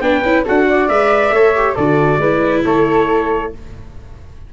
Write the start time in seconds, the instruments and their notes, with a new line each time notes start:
0.00 tuba B3, viola D4, flute B4, trumpet G5
0.23 tuba C#4, viola E4
0.44 tuba D4, viola F#4, flute A4, trumpet F#5
0.68 flute D5
0.88 tuba G#3, viola B4, trumpet E5
1.31 tuba A3, viola A4, flute C#5
1.55 viola G4
1.75 tuba D3, viola F#4, flute A4, trumpet D5
2.17 tuba G#3, viola E4, flute B4
2.64 tuba A3, flute A4, trumpet C#5